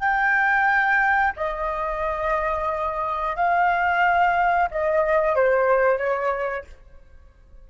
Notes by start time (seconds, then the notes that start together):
0.00 G5
1.37 D#5
3.36 F5
4.72 D#5
5.36 C5
5.98 C#5